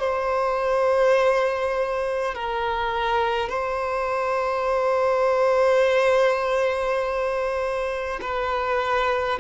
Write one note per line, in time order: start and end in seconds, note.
0.00 2.35 C5
2.35 3.49 A#4
3.49 8.20 C5
8.21 9.39 B4